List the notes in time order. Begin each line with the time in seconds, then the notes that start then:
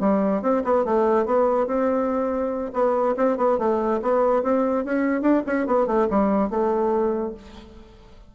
0.00 G3
0.42 C4
0.64 B3
0.84 A3
1.25 B3
1.66 C4
2.73 B3
3.17 C4
3.37 B3
3.58 A3
4.02 B3
4.43 C4
4.84 C#4
5.22 D4
5.46 C#4
5.66 B3
5.87 A3
6.10 G3
6.50 A3